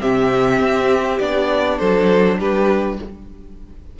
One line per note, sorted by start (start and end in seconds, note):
0.00 0.60 C3
0.00 1.19 C4
0.00 1.78 G4
0.00 1.19 E5
0.60 1.19 C4
1.19 1.79 B3
1.19 2.98 D4
1.19 1.79 D5
1.78 2.39 F#3
1.78 2.37 A4
1.78 2.38 C5
2.39 2.99 G3
2.39 2.99 G4
2.39 3.00 B4